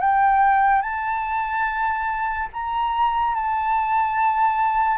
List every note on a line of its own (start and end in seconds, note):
0.00 0.81 G5
0.81 2.48 A5
2.53 3.35 A#5
3.35 4.97 A5